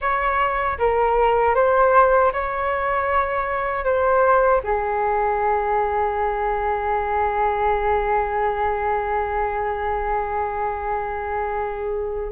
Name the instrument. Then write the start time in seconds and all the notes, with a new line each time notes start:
flute
0.01 C#5
0.78 A#4
1.55 C5
2.33 C#5
3.84 C5
4.63 G#4